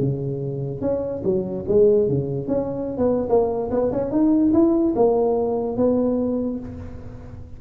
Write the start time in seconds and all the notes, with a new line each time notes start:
0.00 C#3
0.82 C#4
1.25 F#3
1.68 G#3
2.09 C#3
2.48 C#4
2.98 B3
3.30 A#3
3.71 B3
3.92 C#4
4.12 D#4
4.54 E4
4.96 A#3
5.77 B3